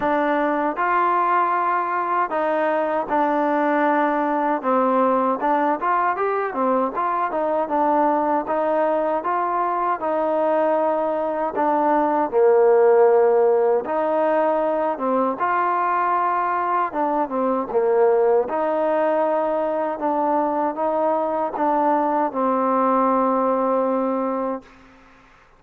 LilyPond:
\new Staff \with { instrumentName = "trombone" } { \time 4/4 \tempo 4 = 78 d'4 f'2 dis'4 | d'2 c'4 d'8 f'8 | g'8 c'8 f'8 dis'8 d'4 dis'4 | f'4 dis'2 d'4 |
ais2 dis'4. c'8 | f'2 d'8 c'8 ais4 | dis'2 d'4 dis'4 | d'4 c'2. | }